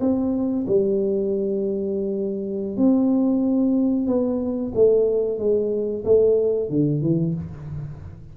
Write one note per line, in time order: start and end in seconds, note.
0.00 0.65 C4
0.67 2.77 G3
2.77 4.07 C4
4.07 4.72 B3
4.74 5.38 A3
5.38 6.03 G#3
6.04 6.69 A3
6.69 7.01 D3
7.01 7.34 E3